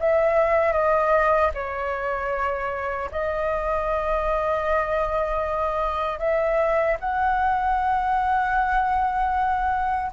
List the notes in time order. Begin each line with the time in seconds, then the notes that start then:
0.00 E5
0.73 D#5
1.54 C#5
3.12 D#5
6.19 E5
7.00 F#5